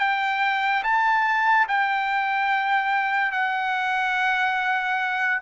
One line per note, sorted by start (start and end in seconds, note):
0.00 0.83 G5
0.84 1.67 A5
1.69 3.32 G5
3.32 5.41 F#5